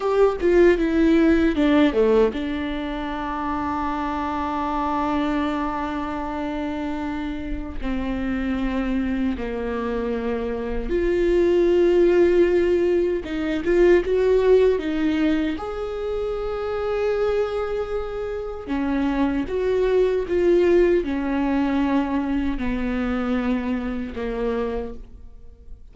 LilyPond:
\new Staff \with { instrumentName = "viola" } { \time 4/4 \tempo 4 = 77 g'8 f'8 e'4 d'8 a8 d'4~ | d'1~ | d'2 c'2 | ais2 f'2~ |
f'4 dis'8 f'8 fis'4 dis'4 | gis'1 | cis'4 fis'4 f'4 cis'4~ | cis'4 b2 ais4 | }